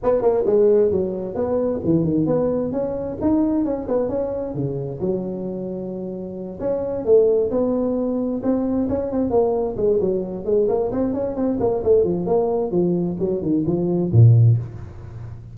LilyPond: \new Staff \with { instrumentName = "tuba" } { \time 4/4 \tempo 4 = 132 b8 ais8 gis4 fis4 b4 | e8 dis8 b4 cis'4 dis'4 | cis'8 b8 cis'4 cis4 fis4~ | fis2~ fis8 cis'4 a8~ |
a8 b2 c'4 cis'8 | c'8 ais4 gis8 fis4 gis8 ais8 | c'8 cis'8 c'8 ais8 a8 f8 ais4 | f4 fis8 dis8 f4 ais,4 | }